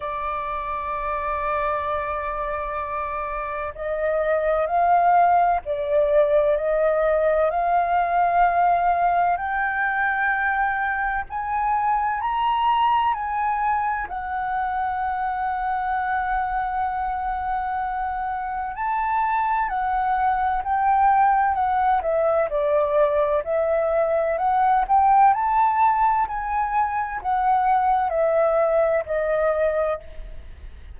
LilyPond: \new Staff \with { instrumentName = "flute" } { \time 4/4 \tempo 4 = 64 d''1 | dis''4 f''4 d''4 dis''4 | f''2 g''2 | gis''4 ais''4 gis''4 fis''4~ |
fis''1 | a''4 fis''4 g''4 fis''8 e''8 | d''4 e''4 fis''8 g''8 a''4 | gis''4 fis''4 e''4 dis''4 | }